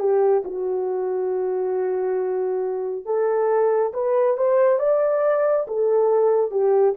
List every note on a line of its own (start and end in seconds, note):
0.00 0.43 G4
0.45 3.06 F#4
3.06 3.93 A4
3.94 4.37 B4
4.37 4.79 C5
4.79 5.66 D5
5.68 6.51 A4
6.51 6.95 G4